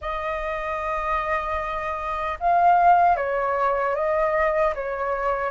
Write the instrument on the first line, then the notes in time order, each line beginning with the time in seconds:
flute
0.01 D#5
2.39 F5
3.16 C#5
3.95 D#5
4.74 C#5